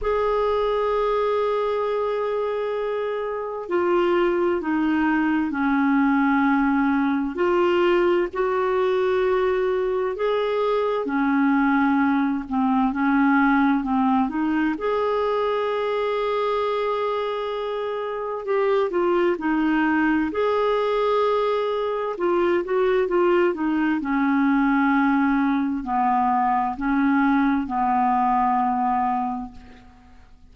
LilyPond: \new Staff \with { instrumentName = "clarinet" } { \time 4/4 \tempo 4 = 65 gis'1 | f'4 dis'4 cis'2 | f'4 fis'2 gis'4 | cis'4. c'8 cis'4 c'8 dis'8 |
gis'1 | g'8 f'8 dis'4 gis'2 | f'8 fis'8 f'8 dis'8 cis'2 | b4 cis'4 b2 | }